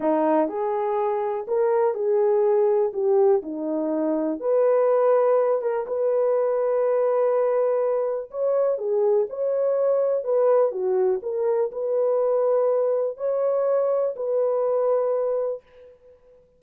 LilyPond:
\new Staff \with { instrumentName = "horn" } { \time 4/4 \tempo 4 = 123 dis'4 gis'2 ais'4 | gis'2 g'4 dis'4~ | dis'4 b'2~ b'8 ais'8 | b'1~ |
b'4 cis''4 gis'4 cis''4~ | cis''4 b'4 fis'4 ais'4 | b'2. cis''4~ | cis''4 b'2. | }